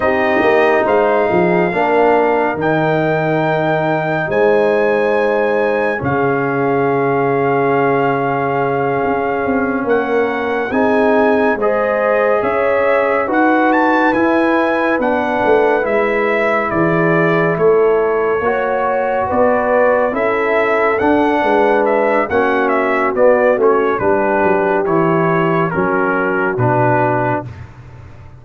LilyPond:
<<
  \new Staff \with { instrumentName = "trumpet" } { \time 4/4 \tempo 4 = 70 dis''4 f''2 g''4~ | g''4 gis''2 f''4~ | f''2.~ f''8 fis''8~ | fis''8 gis''4 dis''4 e''4 fis''8 |
a''8 gis''4 fis''4 e''4 d''8~ | d''8 cis''2 d''4 e''8~ | e''8 fis''4 e''8 fis''8 e''8 d''8 cis''8 | b'4 cis''4 ais'4 b'4 | }
  \new Staff \with { instrumentName = "horn" } { \time 4/4 g'4 c''8 gis'8 ais'2~ | ais'4 c''2 gis'4~ | gis'2.~ gis'8 ais'8~ | ais'8 gis'4 c''4 cis''4 b'8~ |
b'2.~ b'8 gis'8~ | gis'8 a'4 cis''4 b'4 a'8~ | a'4 b'4 fis'2 | g'2 fis'2 | }
  \new Staff \with { instrumentName = "trombone" } { \time 4/4 dis'2 d'4 dis'4~ | dis'2. cis'4~ | cis'1~ | cis'8 dis'4 gis'2 fis'8~ |
fis'8 e'4 d'4 e'4.~ | e'4. fis'2 e'8~ | e'8 d'4. cis'4 b8 cis'8 | d'4 e'4 cis'4 d'4 | }
  \new Staff \with { instrumentName = "tuba" } { \time 4/4 c'8 ais8 gis8 f8 ais4 dis4~ | dis4 gis2 cis4~ | cis2~ cis8 cis'8 c'8 ais8~ | ais8 c'4 gis4 cis'4 dis'8~ |
dis'8 e'4 b8 a8 gis4 e8~ | e8 a4 ais4 b4 cis'8~ | cis'8 d'8 gis4 ais4 b8 a8 | g8 fis8 e4 fis4 b,4 | }
>>